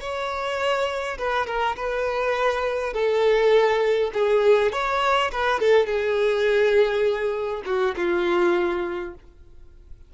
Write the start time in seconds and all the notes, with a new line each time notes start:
0.00 C#5
1.18 B4
1.46 A#4
1.76 B4
2.93 A4
4.13 G#4
4.72 C#5
5.32 B4
5.59 A4
5.86 G#4
7.65 F#4
7.96 F4